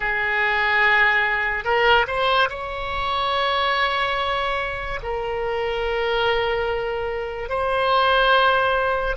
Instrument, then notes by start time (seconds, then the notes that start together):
oboe
0.00 G#4
1.64 A#4
2.07 C5
2.49 C#5
5.02 A#4
7.49 C5